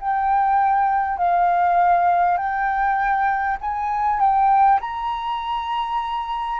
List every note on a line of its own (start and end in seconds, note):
0.00 1.18 G5
1.18 2.37 F5
2.37 3.57 G5
3.61 4.20 G#5
4.20 4.80 G5
4.81 6.60 A#5